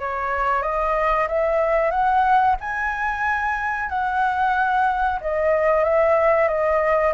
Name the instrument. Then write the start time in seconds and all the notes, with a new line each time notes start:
flute
0.00 C#5
0.63 D#5
1.28 E5
1.91 F#5
2.61 G#5
3.90 F#5
5.21 D#5
5.84 E5
6.48 D#5